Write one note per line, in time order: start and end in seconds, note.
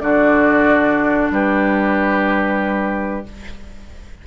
0.00 1.30 D3
0.00 3.24 D4
0.00 1.32 F#4
0.00 1.29 D5
1.31 3.24 G3
1.31 3.27 G4
1.31 3.26 B4